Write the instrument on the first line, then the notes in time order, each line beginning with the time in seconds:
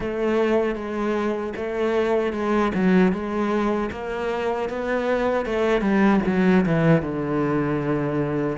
cello
0.00 A3
0.75 G#3
1.56 A3
2.32 G#3
2.74 F#3
3.12 G#3
3.91 A#3
4.69 B3
5.45 A3
5.81 G3
6.26 F#3
6.65 E3
7.01 D3